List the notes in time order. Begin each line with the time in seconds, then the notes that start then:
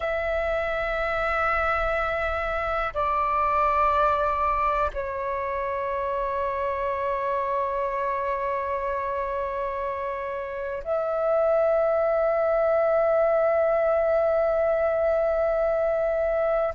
0.00 E5
2.94 D5
4.93 C#5
10.83 E5